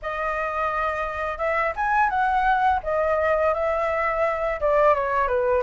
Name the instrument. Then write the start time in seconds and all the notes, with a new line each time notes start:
flute
0.02 D#5
1.38 E5
1.76 G#5
2.09 F#5
2.83 D#5
3.54 E5
4.60 D5
4.94 C#5
5.27 B4